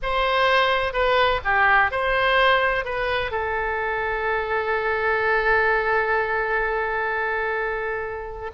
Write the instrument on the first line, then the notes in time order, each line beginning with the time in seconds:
oboe
0.02 C5
0.93 B4
1.44 G4
1.91 C5
2.84 B4
3.31 A4